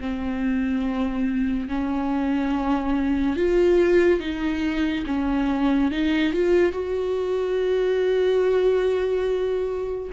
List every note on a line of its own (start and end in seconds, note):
0.00 1.68 C4
1.68 3.36 C#4
3.36 4.19 F4
4.19 5.04 D#4
5.06 5.91 C#4
5.91 6.33 D#4
6.33 6.72 F4
6.72 10.10 F#4